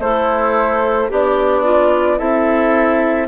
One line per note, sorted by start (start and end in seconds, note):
0.00 1.09 A3
0.00 1.10 E4
0.00 1.10 A4
0.00 1.10 C5
1.10 2.20 B3
1.10 2.19 D4
1.10 1.64 G4
1.10 2.19 D5
1.64 2.18 F4
2.18 3.29 C4
2.18 3.27 E4
2.18 3.28 A4
2.18 3.28 E5